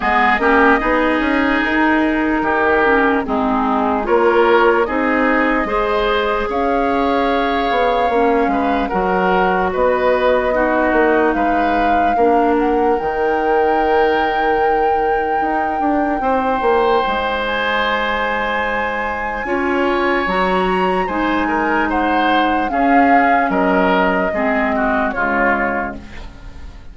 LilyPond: <<
  \new Staff \with { instrumentName = "flute" } { \time 4/4 \tempo 4 = 74 dis''2 ais'2 | gis'4 cis''4 dis''2 | f''2. fis''4 | dis''2 f''4. fis''8 |
g''1~ | g''4. gis''2~ gis''8~ | gis''4 ais''4 gis''4 fis''4 | f''4 dis''2 cis''4 | }
  \new Staff \with { instrumentName = "oboe" } { \time 4/4 gis'8 g'8 gis'2 g'4 | dis'4 ais'4 gis'4 c''4 | cis''2~ cis''8 b'8 ais'4 | b'4 fis'4 b'4 ais'4~ |
ais'1 | c''1 | cis''2 c''8 ais'8 c''4 | gis'4 ais'4 gis'8 fis'8 f'4 | }
  \new Staff \with { instrumentName = "clarinet" } { \time 4/4 b8 cis'8 dis'2~ dis'8 cis'8 | c'4 f'4 dis'4 gis'4~ | gis'2 cis'4 fis'4~ | fis'4 dis'2 d'4 |
dis'1~ | dis'1 | f'4 fis'4 dis'2 | cis'2 c'4 gis4 | }
  \new Staff \with { instrumentName = "bassoon" } { \time 4/4 gis8 ais8 b8 cis'8 dis'4 dis4 | gis4 ais4 c'4 gis4 | cis'4. b8 ais8 gis8 fis4 | b4. ais8 gis4 ais4 |
dis2. dis'8 d'8 | c'8 ais8 gis2. | cis'4 fis4 gis2 | cis'4 fis4 gis4 cis4 | }
>>